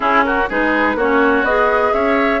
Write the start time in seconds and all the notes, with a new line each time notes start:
0.00 C#4 E4 G#4
0.23 F#4 A#4
0.48 G#3 D#4 G#4 B4
0.95 A#3 C#4 F#4 C#5
1.43 B3 G#4 D#5
1.93 C#4 C#5 E5